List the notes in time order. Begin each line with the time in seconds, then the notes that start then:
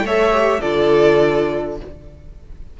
0.00 A3 A4 C#5
0.06 E5
0.31 G4
0.60 D3 F4 A4 D5